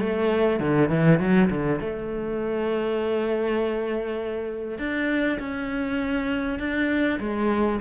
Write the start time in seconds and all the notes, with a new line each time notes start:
0.00 A3
0.60 D3
0.89 E3
1.20 F#3
1.50 D3
1.80 A3
4.78 D4
5.39 C#4
6.59 D4
7.20 G#3